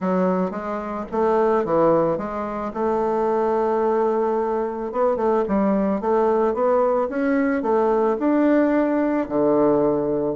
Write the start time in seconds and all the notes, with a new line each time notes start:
0.00 F#3
0.51 G#3
1.11 A3
1.64 E3
2.17 G#3
2.73 A3
4.92 B3
5.16 A3
5.48 G3
6.00 A3
6.53 B3
7.09 C#4
7.62 A3
8.19 D4
9.28 D3